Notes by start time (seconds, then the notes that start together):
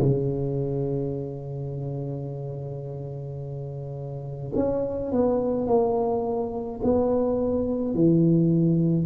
0.00 C#3
4.55 C#4
5.12 B3
5.68 A#3
6.83 B3
7.95 E3